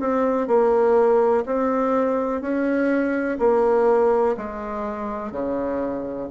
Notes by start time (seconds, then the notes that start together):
0.00 C4
0.48 A#3
1.46 C4
2.41 C#4
3.40 A#3
4.37 G#3
5.32 C#3